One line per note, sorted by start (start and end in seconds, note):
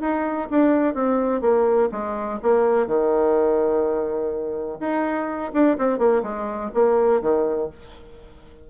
0.00 0.48 D#4
0.50 0.94 D4
0.94 1.41 C4
1.41 1.89 A#3
1.91 2.39 G#3
2.42 2.86 A#3
2.86 4.78 D#3
4.80 5.52 D#4
5.53 5.77 D4
5.78 5.98 C4
5.98 6.22 A#3
6.22 6.70 G#3
6.74 7.21 A#3
7.21 7.69 D#3